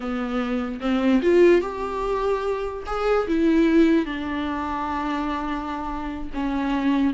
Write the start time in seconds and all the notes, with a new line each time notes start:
0.00 B3
0.80 C4
1.22 F4
1.61 G4
2.86 G#4
3.27 E4
4.05 D4
6.34 C#4